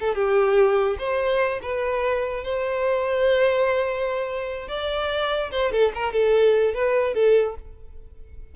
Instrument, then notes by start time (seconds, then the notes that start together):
violin
0.00 A4
0.15 G4
0.99 C5
1.62 B4
2.44 C5
4.68 D5
5.51 C5
5.72 A4
5.95 A#4
6.13 A4
6.75 B4
7.15 A4